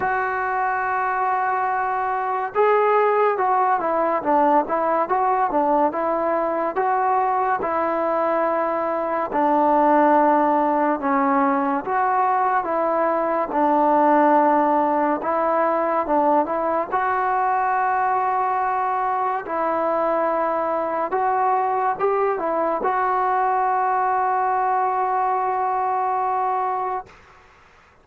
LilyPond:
\new Staff \with { instrumentName = "trombone" } { \time 4/4 \tempo 4 = 71 fis'2. gis'4 | fis'8 e'8 d'8 e'8 fis'8 d'8 e'4 | fis'4 e'2 d'4~ | d'4 cis'4 fis'4 e'4 |
d'2 e'4 d'8 e'8 | fis'2. e'4~ | e'4 fis'4 g'8 e'8 fis'4~ | fis'1 | }